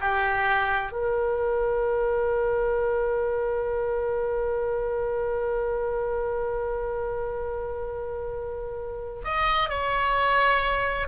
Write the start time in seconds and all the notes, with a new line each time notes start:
0.00 G4
0.91 A#4
9.24 D#5
9.69 C#5